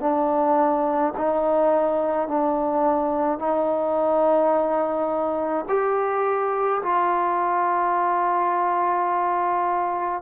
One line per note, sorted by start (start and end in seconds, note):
0.00 1.13 D4
1.17 2.28 D#4
2.28 3.39 D4
3.39 5.66 D#4
5.69 6.82 G4
6.82 10.22 F4